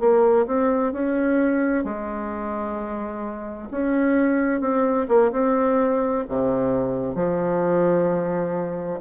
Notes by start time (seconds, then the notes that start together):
0.00 A#3
0.47 C4
0.93 C#4
1.84 G#3
3.71 C#4
4.61 C4
5.09 A#3
5.32 C4
6.29 C3
7.15 F3